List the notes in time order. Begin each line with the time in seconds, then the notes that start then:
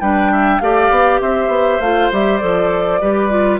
0.00 G3 D4 B4 G5
0.32 E5
0.59 A3 G4 D5 F5
0.90 B3
1.20 C4 C5 E5
1.48 B3
1.80 A3 F4 F5
2.12 G3 G4 E5
2.37 F3 A4 D5
3.01 G3 G4 B4
3.30 F4